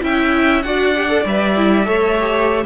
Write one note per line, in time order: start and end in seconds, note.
0.00 0.64 C#4
0.00 0.62 E4
0.00 0.65 E5
0.00 0.61 G5
0.61 1.25 D4
0.61 0.95 F#4
0.61 1.86 D5
0.61 1.23 F#5
0.96 1.09 G4
1.09 1.24 A4
1.25 1.87 G3
1.25 1.56 B4
1.25 2.66 E5
1.56 1.84 E4
1.84 2.64 A3
1.84 2.15 A4
1.84 2.64 C#5
2.20 2.66 G4